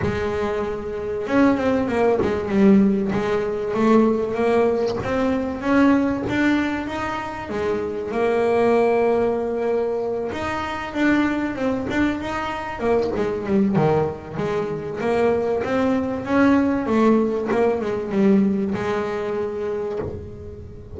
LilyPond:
\new Staff \with { instrumentName = "double bass" } { \time 4/4 \tempo 4 = 96 gis2 cis'8 c'8 ais8 gis8 | g4 gis4 a4 ais4 | c'4 cis'4 d'4 dis'4 | gis4 ais2.~ |
ais8 dis'4 d'4 c'8 d'8 dis'8~ | dis'8 ais8 gis8 g8 dis4 gis4 | ais4 c'4 cis'4 a4 | ais8 gis8 g4 gis2 | }